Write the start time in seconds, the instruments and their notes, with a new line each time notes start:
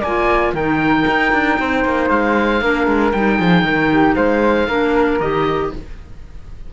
0.00 cello A#3, clarinet F4, flute D5, oboe G#5
0.53 cello D#3, clarinet D#4, flute A#4, oboe G5
1.07 cello D#4
1.32 cello D4
1.59 cello C4, flute C5
1.84 cello A#3
2.09 cello G#3, oboe F5
2.61 cello A#3, clarinet D4, flute A#4
2.86 cello G#3
3.12 cello G3, clarinet D#4, oboe G5
3.37 cello F3, flute G#4
3.62 cello D#3, flute A#4
3.92 flute G4
4.15 cello G#3, flute C5, oboe F5
4.67 cello A#3, clarinet D4, flute A#4
5.20 cello D#3, clarinet G4, oboe D#5